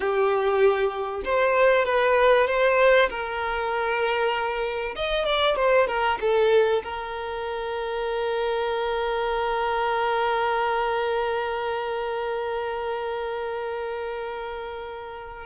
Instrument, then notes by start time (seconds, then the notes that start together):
violin
0.00 G4
1.24 C5
1.85 B4
2.47 C5
3.09 A#4
4.95 D#5
5.25 D5
5.56 C5
5.87 A#4
6.20 A4
6.83 A#4